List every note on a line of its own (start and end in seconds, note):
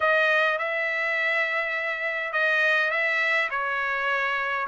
0.00 0.58 D#5
0.58 2.32 E5
2.32 2.90 D#5
2.90 3.49 E5
3.50 4.66 C#5